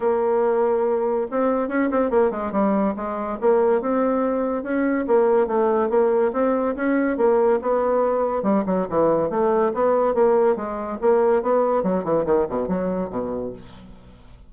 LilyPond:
\new Staff \with { instrumentName = "bassoon" } { \time 4/4 \tempo 4 = 142 ais2. c'4 | cis'8 c'8 ais8 gis8 g4 gis4 | ais4 c'2 cis'4 | ais4 a4 ais4 c'4 |
cis'4 ais4 b2 | g8 fis8 e4 a4 b4 | ais4 gis4 ais4 b4 | fis8 e8 dis8 b,8 fis4 b,4 | }